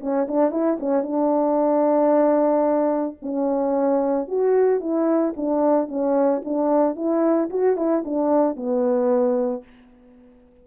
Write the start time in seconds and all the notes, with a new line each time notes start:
0.00 C#4
0.28 D4
0.50 E4
0.79 C#4
1.02 D4
3.22 C#4
4.27 F#4
4.80 E4
5.36 D4
5.88 C#4
6.44 D4
6.95 E4
7.50 F#4
7.76 E4
8.05 D4
8.56 B3